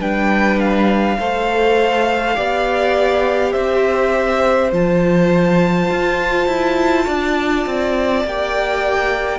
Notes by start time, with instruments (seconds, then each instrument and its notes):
0.00 cello G3, viola D4, violin B4 G5
0.60 violin F5
1.19 cello A3, viola A4, violin C5
2.35 cello B3, viola G4, violin D5
3.52 cello C4, violin C5 E5
4.72 cello F3, viola F4, violin A5
5.90 cello F4
6.47 cello E4
7.05 cello D4, violin D5
7.66 cello C4
8.25 cello A#3, viola G4, violin G5